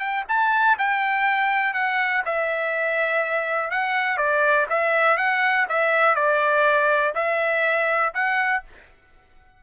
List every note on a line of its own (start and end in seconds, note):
0.00 0.25 G5
0.29 0.78 A5
0.79 1.74 G5
1.74 2.23 F#5
2.26 3.72 E5
3.72 4.18 F#5
4.18 4.67 D5
4.70 5.18 E5
5.18 5.67 F#5
5.69 6.16 E5
6.16 7.14 D5
7.15 8.13 E5
8.15 8.64 F#5